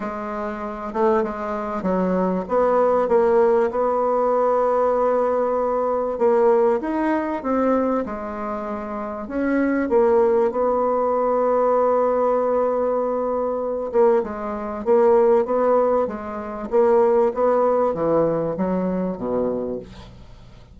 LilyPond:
\new Staff \with { instrumentName = "bassoon" } { \time 4/4 \tempo 4 = 97 gis4. a8 gis4 fis4 | b4 ais4 b2~ | b2 ais4 dis'4 | c'4 gis2 cis'4 |
ais4 b2.~ | b2~ b8 ais8 gis4 | ais4 b4 gis4 ais4 | b4 e4 fis4 b,4 | }